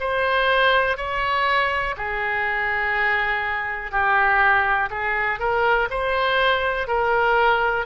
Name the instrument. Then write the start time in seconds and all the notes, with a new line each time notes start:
oboe
0.00 C5
0.97 C#5
1.97 G#4
3.92 G4
4.91 G#4
5.40 A#4
5.91 C5
6.88 A#4